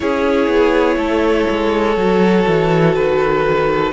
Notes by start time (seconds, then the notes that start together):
0.00 C#4 E4 G#4 C#5
0.47 B3
0.96 A3 A4
1.50 G#3
1.96 F#3 F#4
2.47 E3
2.94 D#3 B4